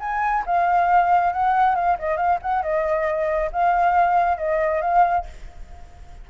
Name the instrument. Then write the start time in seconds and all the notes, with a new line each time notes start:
flute
0.00 G#5
0.46 F5
1.33 F#5
1.75 F5
1.99 D#5
2.17 F5
2.42 F#5
2.62 D#5
3.52 F5
4.38 D#5
4.81 F5